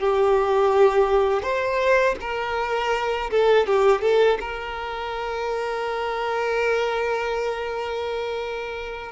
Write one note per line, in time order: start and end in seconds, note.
0.00 1.43 G4
1.43 2.16 C5
2.21 3.31 A#4
3.31 3.67 A4
3.67 4.02 G4
4.02 4.38 A4
4.41 9.13 A#4